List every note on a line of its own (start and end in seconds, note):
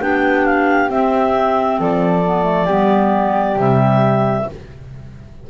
0.00 0.89 B3
0.00 0.89 D4
0.00 1.79 G4
0.00 0.45 G5
0.45 0.90 F5
0.89 2.23 C4
0.89 1.79 C4
0.89 1.80 E5
1.79 2.67 F3
1.79 2.65 A4
1.79 3.60 D5
2.24 2.43 B3
2.43 2.65 A3
2.65 3.56 G3
2.65 3.56 B3
2.65 4.44 G4
3.56 4.45 C3
3.56 4.45 G3
3.56 4.49 E5